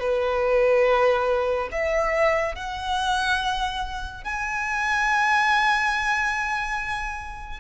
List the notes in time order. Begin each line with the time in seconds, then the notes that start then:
0.00 B4
1.72 E5
2.55 F#5
4.24 G#5